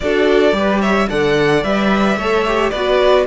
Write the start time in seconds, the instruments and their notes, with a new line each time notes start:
0.00 cello D4, viola F#4, violin A4 D5
0.52 cello G3, viola G4, violin B4
0.81 violin C#5 E5
1.09 cello D3, viola A4, violin D5 F#5
1.63 cello G3, viola B4, violin E5
2.16 cello A3, viola A4, violin C#5
2.46 viola G4
2.70 cello B3, viola F#4, violin B4 D5